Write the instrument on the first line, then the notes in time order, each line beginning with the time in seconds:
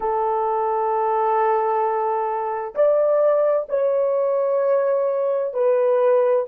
horn
0.00 A4
2.74 D5
3.68 C#5
5.53 B4